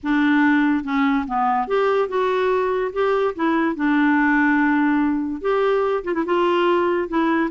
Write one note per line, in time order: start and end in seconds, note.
0.03 0.84 D4
0.84 1.25 C#4
1.27 1.67 B3
1.67 2.08 G4
2.08 2.91 F#4
2.92 3.34 G4
3.35 3.75 E4
3.75 5.41 D4
5.41 6.03 G4
6.04 6.13 F4
6.13 6.24 E4
6.25 7.08 F4
7.08 7.50 E4